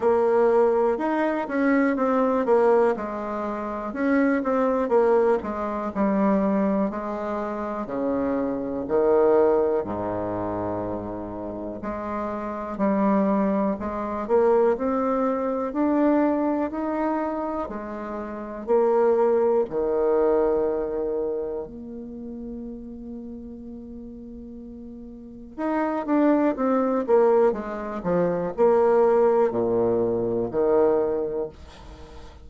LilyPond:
\new Staff \with { instrumentName = "bassoon" } { \time 4/4 \tempo 4 = 61 ais4 dis'8 cis'8 c'8 ais8 gis4 | cis'8 c'8 ais8 gis8 g4 gis4 | cis4 dis4 gis,2 | gis4 g4 gis8 ais8 c'4 |
d'4 dis'4 gis4 ais4 | dis2 ais2~ | ais2 dis'8 d'8 c'8 ais8 | gis8 f8 ais4 ais,4 dis4 | }